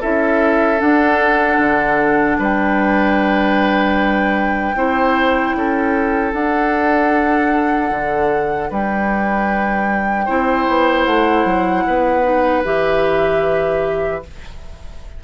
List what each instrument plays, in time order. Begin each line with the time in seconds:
0.00 bassoon C#4, clarinet E4, oboe A4, flute E5
0.78 clarinet D4, bassoon D4, flute F#5
1.58 bassoon D3
2.38 bassoon G3, oboe B4, flute G5
4.75 bassoon C4, clarinet E4, oboe C5
5.54 bassoon C#4, oboe A4
6.33 bassoon D4, clarinet D4, flute F#5
7.90 bassoon D3
8.69 bassoon G3, oboe B4, flute G5
10.25 bassoon C4, clarinet E4, oboe C5
10.67 bassoon B3
11.04 bassoon A3, flute F#5
11.44 bassoon F#3
11.86 bassoon B3, oboe B4
12.23 clarinet D#4
12.64 bassoon E3, clarinet G4, flute E5